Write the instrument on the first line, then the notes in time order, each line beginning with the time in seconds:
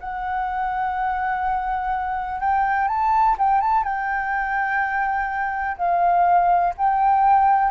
flute
0.00 F#5
2.41 G5
2.89 A5
3.39 G5
3.61 A5
3.84 G5
5.78 F5
6.78 G5